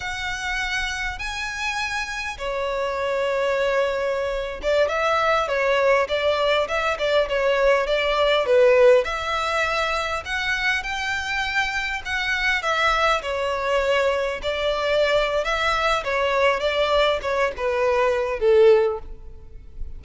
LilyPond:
\new Staff \with { instrumentName = "violin" } { \time 4/4 \tempo 4 = 101 fis''2 gis''2 | cis''2.~ cis''8. d''16~ | d''16 e''4 cis''4 d''4 e''8 d''16~ | d''16 cis''4 d''4 b'4 e''8.~ |
e''4~ e''16 fis''4 g''4.~ g''16~ | g''16 fis''4 e''4 cis''4.~ cis''16~ | cis''16 d''4.~ d''16 e''4 cis''4 | d''4 cis''8 b'4. a'4 | }